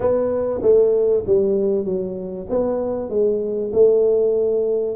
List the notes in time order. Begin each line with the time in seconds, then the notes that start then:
0.00 B3
0.62 A3
1.26 G3
1.84 F#3
2.49 B3
3.09 G#3
3.73 A3